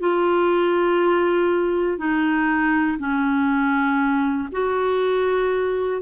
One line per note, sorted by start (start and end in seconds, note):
0.00 1.98 F4
1.98 2.98 D#4
2.99 4.49 C#4
4.52 6.02 F#4